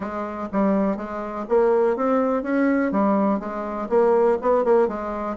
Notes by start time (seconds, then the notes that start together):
0.00 G#3
0.52 G3
0.96 G#3
1.48 A#3
1.96 C4
2.42 C#4
2.91 G3
3.39 G#3
3.89 A#3
4.41 B3
4.64 A#3
4.88 G#3